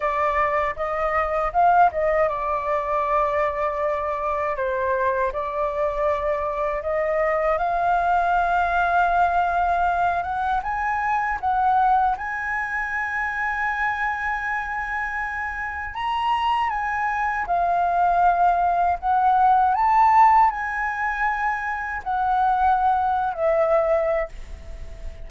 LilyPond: \new Staff \with { instrumentName = "flute" } { \time 4/4 \tempo 4 = 79 d''4 dis''4 f''8 dis''8 d''4~ | d''2 c''4 d''4~ | d''4 dis''4 f''2~ | f''4. fis''8 gis''4 fis''4 |
gis''1~ | gis''4 ais''4 gis''4 f''4~ | f''4 fis''4 a''4 gis''4~ | gis''4 fis''4.~ fis''16 e''4~ e''16 | }